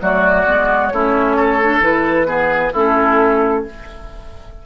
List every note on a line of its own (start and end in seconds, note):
0.00 0.46 F#3
0.00 0.45 A3
0.00 0.93 F#4
0.00 0.88 D5
0.47 0.92 G#3
0.47 0.92 B3
0.88 1.80 A3
0.88 1.36 E4
0.88 1.79 C#5
0.94 1.62 C#4
1.36 2.27 A4
1.62 1.81 D4
1.80 2.71 E3
1.80 2.26 E4
1.80 2.74 B4
2.26 2.71 B3
2.26 2.73 G#4
2.73 3.66 A3
2.73 3.66 C#4
2.73 3.64 E4
2.73 3.65 A4